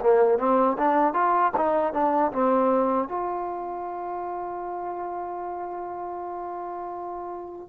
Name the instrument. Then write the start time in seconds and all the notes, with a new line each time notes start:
trombone
0.00 A#3
0.38 C4
0.78 D4
1.13 F4
1.57 D#4
1.93 D4
2.32 C4
3.08 F4